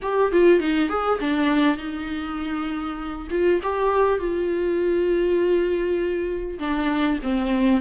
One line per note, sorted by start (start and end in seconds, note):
0.01 0.31 G4
0.31 0.60 F4
0.60 0.89 D#4
0.89 1.19 G#4
1.20 1.77 D4
1.77 3.27 D#4
3.30 3.60 F4
3.62 4.18 G4
4.18 6.58 F4
6.59 7.19 D4
7.22 7.81 C4